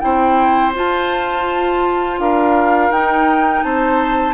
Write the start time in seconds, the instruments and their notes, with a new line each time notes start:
0.00 bassoon C4, clarinet E4, oboe C5, flute G5
0.75 clarinet F4, bassoon F4, flute A5
2.19 bassoon D4, oboe A#4, flute F5
2.90 bassoon D#4, clarinet D#4, flute G5
3.64 bassoon C4, oboe C5, flute A5